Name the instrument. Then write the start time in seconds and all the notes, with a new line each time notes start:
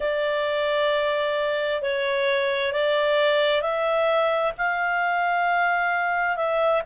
clarinet
0.00 D5
1.81 C#5
2.72 D5
3.61 E5
4.57 F5
6.36 E5